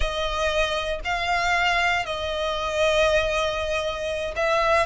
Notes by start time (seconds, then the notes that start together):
0.00 D#5
1.04 F5
2.05 D#5
4.35 E5